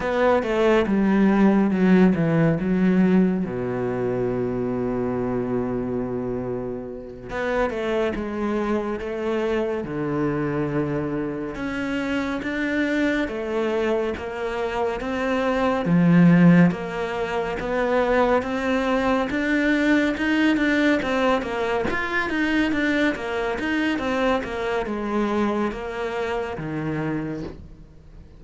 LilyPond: \new Staff \with { instrumentName = "cello" } { \time 4/4 \tempo 4 = 70 b8 a8 g4 fis8 e8 fis4 | b,1~ | b,8 b8 a8 gis4 a4 d8~ | d4. cis'4 d'4 a8~ |
a8 ais4 c'4 f4 ais8~ | ais8 b4 c'4 d'4 dis'8 | d'8 c'8 ais8 f'8 dis'8 d'8 ais8 dis'8 | c'8 ais8 gis4 ais4 dis4 | }